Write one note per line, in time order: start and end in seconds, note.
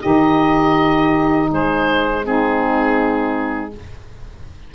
0.00 1.51 D#3
0.00 2.22 D#4
0.00 1.48 G4
0.00 1.49 D#5
1.50 3.74 G#3
1.50 2.24 G#4
1.50 2.26 C5
2.22 3.70 C4
2.22 3.74 D#4
2.22 3.74 G#4